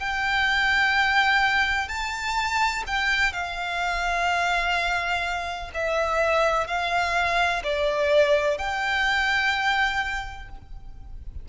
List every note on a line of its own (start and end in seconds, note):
0.00 1.89 G5
1.89 2.84 A5
2.87 3.33 G5
3.33 5.71 F5
5.74 6.68 E5
6.68 7.63 F5
7.64 8.58 D5
8.58 10.49 G5